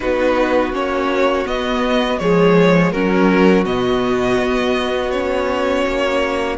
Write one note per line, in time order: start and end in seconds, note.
0.00 0.72 B3
0.00 0.72 D#4
0.00 2.20 F#4
0.00 0.73 B4
0.72 1.45 A#3
0.72 1.45 C#4
0.72 1.47 C#5
1.45 2.18 B3
1.45 2.20 B3
1.45 2.18 D#5
2.18 2.92 F3
2.18 2.94 G#3
2.18 2.93 G#4
2.18 2.91 C#5
2.91 3.65 F#3
2.91 3.65 C#4
2.91 6.57 F#4
2.91 3.64 A#4
3.65 4.38 B2
3.65 5.12 B3
3.65 5.10 D#5
4.39 5.85 B3
5.10 6.57 C#4
5.10 6.57 C#5
5.86 6.57 A#3